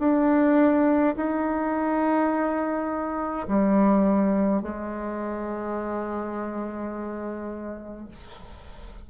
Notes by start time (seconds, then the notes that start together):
0.00 D4
1.17 D#4
3.48 G3
4.63 G#3